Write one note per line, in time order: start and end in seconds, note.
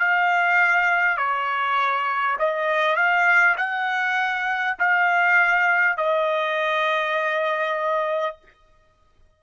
0.00 1.18 F5
1.18 2.38 C#5
2.39 2.97 D#5
2.97 3.57 F5
3.58 4.78 F#5
4.79 5.98 F5
5.98 8.38 D#5